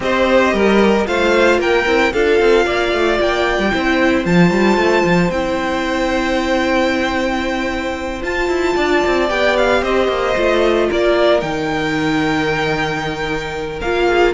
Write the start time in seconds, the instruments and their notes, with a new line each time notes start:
0.00 cello C4, viola G4, violin C5 D#5
0.53 cello G3, violin A#4
1.06 cello A3, viola F4, violin C5 F5
1.59 cello A#3, violin A#4 G5
1.86 cello C4, viola E4
2.13 cello D4, viola F4, violin A4 F5
2.40 cello C4
2.65 cello A#3, violin D5
2.92 cello A3
3.20 cello A#3, violin G5
3.58 cello G3
3.72 cello C4, viola E4, violin C5
4.24 cello F3, viola F4, violin A5
4.50 cello G3
4.76 cello A3
5.04 cello F3
5.30 cello C4, viola E4, violin G5
8.22 viola F4, cello F4, violin A5
8.48 cello E4
8.76 cello D4, violin D5
9.06 cello C4
9.28 cello B3, viola G4, violin G5
9.57 violin F5
9.81 cello C4, violin C5 D#5
10.08 cello A#3
10.36 cello A3, viola F4
10.89 cello A#3, violin A#4 D5
11.40 cello D#3, viola D#4, violin G5
13.81 cello A#3, viola F4, violin F5
14.06 violin G#4